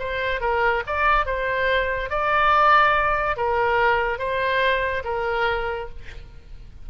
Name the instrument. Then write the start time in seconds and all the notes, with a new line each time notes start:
oboe
0.00 C5
0.41 A#4
0.87 D5
1.26 C5
2.10 D5
3.37 A#4
4.19 C5
5.05 A#4